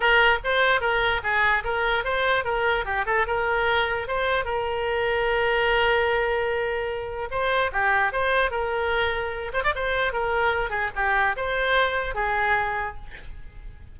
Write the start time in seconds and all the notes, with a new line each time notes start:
0.00 A#4
0.44 C5
0.80 A#4
1.23 G#4
1.63 A#4
2.04 C5
2.44 A#4
2.85 G4
3.06 A4
3.27 A#4
4.07 C5
4.44 A#4
7.30 C5
7.72 G4
8.12 C5
8.50 A#4
9.53 C5
9.63 D5
9.75 C5
10.12 A#4
10.70 G#4
10.95 G4
11.36 C5
12.14 G#4